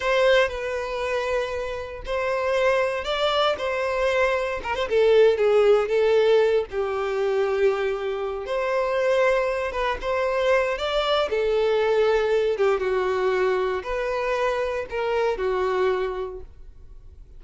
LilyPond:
\new Staff \with { instrumentName = "violin" } { \time 4/4 \tempo 4 = 117 c''4 b'2. | c''2 d''4 c''4~ | c''4 ais'16 c''16 a'4 gis'4 a'8~ | a'4 g'2.~ |
g'8 c''2~ c''8 b'8 c''8~ | c''4 d''4 a'2~ | a'8 g'8 fis'2 b'4~ | b'4 ais'4 fis'2 | }